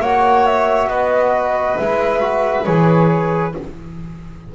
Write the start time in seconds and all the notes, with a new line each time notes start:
0.00 A#3 F#4 C#5 F#5
0.45 E5
0.86 B3 B4 D#5
1.77 G#3 E4 E5
2.20 F#4
2.64 E3 G#4 C#5